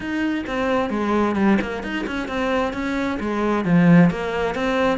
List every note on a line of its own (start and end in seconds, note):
0.00 0.44 D#4
0.46 0.90 C4
0.90 1.35 G#3
1.35 1.58 G3
1.61 1.83 A#3
1.83 2.05 D#4
2.07 2.28 C#4
2.28 2.73 C4
2.73 3.18 C#4
3.19 3.64 G#3
3.64 4.10 F3
4.10 4.55 A#3
4.55 4.98 C4